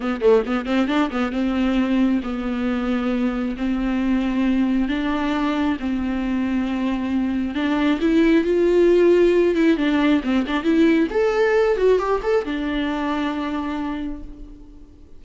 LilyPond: \new Staff \with { instrumentName = "viola" } { \time 4/4 \tempo 4 = 135 b8 a8 b8 c'8 d'8 b8 c'4~ | c'4 b2. | c'2. d'4~ | d'4 c'2.~ |
c'4 d'4 e'4 f'4~ | f'4. e'8 d'4 c'8 d'8 | e'4 a'4. fis'8 g'8 a'8 | d'1 | }